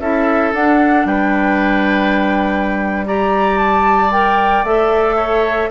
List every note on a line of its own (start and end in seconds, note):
0.00 0.53 C#4
0.00 0.54 E4
0.00 1.08 A4
0.00 0.53 E5
0.54 1.05 D4
0.54 3.07 D4
0.54 1.07 F#5
1.05 4.64 G3
1.05 3.07 B4
1.05 3.06 G5
3.07 4.12 G4
3.07 5.17 D5
3.07 3.59 A#5
3.59 4.12 A5
4.12 4.65 A#4
4.12 4.65 G5
4.64 5.70 A3
4.64 5.71 A4
4.64 5.71 E5
5.17 5.70 C#5